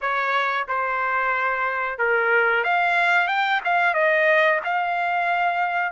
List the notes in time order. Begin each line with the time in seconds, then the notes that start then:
0.01 C#5
0.68 C5
1.98 A#4
2.64 F5
3.27 G5
3.64 F5
3.94 D#5
4.64 F5